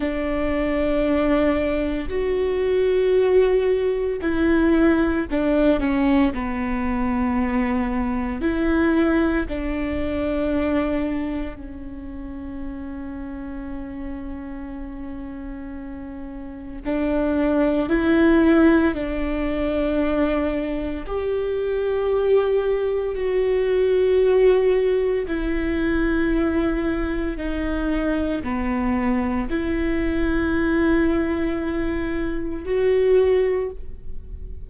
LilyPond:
\new Staff \with { instrumentName = "viola" } { \time 4/4 \tempo 4 = 57 d'2 fis'2 | e'4 d'8 cis'8 b2 | e'4 d'2 cis'4~ | cis'1 |
d'4 e'4 d'2 | g'2 fis'2 | e'2 dis'4 b4 | e'2. fis'4 | }